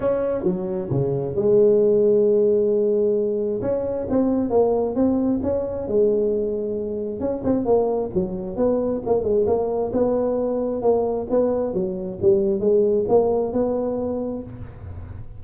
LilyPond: \new Staff \with { instrumentName = "tuba" } { \time 4/4 \tempo 4 = 133 cis'4 fis4 cis4 gis4~ | gis1 | cis'4 c'4 ais4 c'4 | cis'4 gis2. |
cis'8 c'8 ais4 fis4 b4 | ais8 gis8 ais4 b2 | ais4 b4 fis4 g4 | gis4 ais4 b2 | }